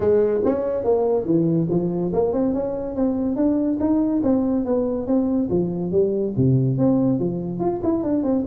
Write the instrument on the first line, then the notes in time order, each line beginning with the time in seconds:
tuba
0.00 G#3
0.44 C#4
0.84 A#3
1.25 E3
1.69 F3
2.13 A#3
2.32 C4
2.53 C#4
2.95 C4
3.36 D4
3.79 D#4
4.23 C4
4.65 B3
5.06 C4
5.49 F3
5.91 G3
6.36 C3
6.77 C4
7.19 F3
7.59 F4
7.83 E4
8.03 D4
8.23 C4